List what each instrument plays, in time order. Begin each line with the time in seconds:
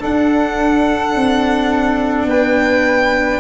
0.00 cello D4, tuba D4, flute A4, violin F#5
1.15 tuba C4
2.25 tuba B3, flute B4, violin G5